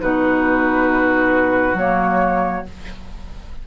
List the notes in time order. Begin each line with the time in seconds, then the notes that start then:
0.00 B2 D#4 F#4 B4
1.73 F#3 A#3 C#5